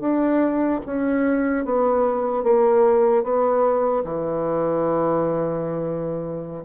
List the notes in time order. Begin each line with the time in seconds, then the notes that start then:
0.00 D4
0.85 C#4
1.65 B3
2.43 A#3
3.23 B3
4.04 E3